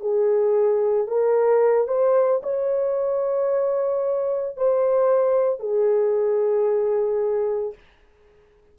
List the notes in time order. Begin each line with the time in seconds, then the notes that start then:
0.00 G#4
1.07 A#4
1.87 C5
2.43 C#5
4.57 C5
5.60 G#4